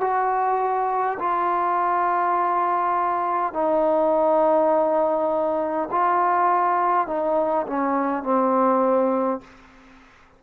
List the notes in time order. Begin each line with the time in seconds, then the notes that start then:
0.00 F#4
1.19 F4
3.53 D#4
5.91 F4
7.07 D#4
7.66 C#4
8.22 C4